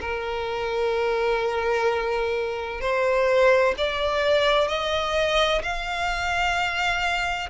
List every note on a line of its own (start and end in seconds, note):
0.00 2.80 A#4
2.80 3.74 C5
3.77 4.68 D5
4.68 5.62 D#5
5.62 7.50 F5